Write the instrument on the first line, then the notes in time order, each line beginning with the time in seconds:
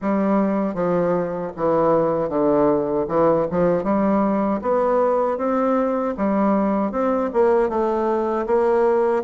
bassoon
0.01 G3
0.74 F3
1.56 E3
2.29 D3
3.08 E3
3.50 F3
3.83 G3
4.61 B3
5.37 C4
6.17 G3
6.91 C4
7.33 A#3
7.69 A3
8.46 A#3